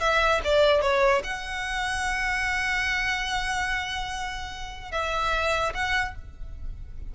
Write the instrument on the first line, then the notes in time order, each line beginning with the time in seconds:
violin
0.00 E5
0.44 D5
0.81 C#5
1.24 F#5
4.91 E5
5.74 F#5